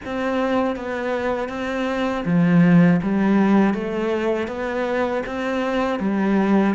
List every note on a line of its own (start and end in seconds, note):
0.05 0.76 C4
0.76 1.48 B3
1.48 2.23 C4
2.25 3.00 F3
3.02 3.74 G3
3.74 4.47 A3
4.47 5.22 B3
5.26 5.99 C4
5.99 6.74 G3